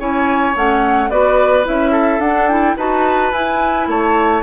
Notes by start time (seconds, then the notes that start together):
0.00 C#4 E4 C#5 G#5
0.54 A3 C#4 F#5
1.10 B3 F#4 B4 D5
1.64 C#4 E4 E5
1.92 A4
2.19 D4 F#5
2.49 E4 G5
2.77 D#4 F#4 B4 A5
3.32 E4 G#5
3.88 A3 C#5 A5